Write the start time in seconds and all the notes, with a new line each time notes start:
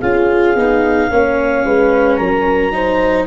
0.00 C#4 F4 G#4 F5
0.55 B3 D#4
1.10 A#3 C#4 C#5
1.65 G#3 B4
2.16 F#3 A#4 A#5
2.72 D#4 C5